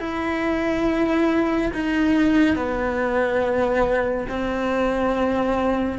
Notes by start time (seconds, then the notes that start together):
0.00 E4
1.73 D#4
2.56 B3
4.29 C4